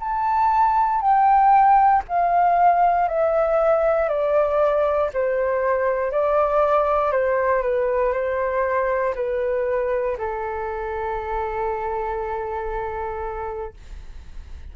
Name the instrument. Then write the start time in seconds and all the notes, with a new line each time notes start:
flute
0.00 A5
1.01 G5
2.08 F5
3.08 E5
4.09 D5
5.14 C5
6.12 D5
7.12 C5
7.63 B4
8.13 C5
9.15 B4
10.18 A4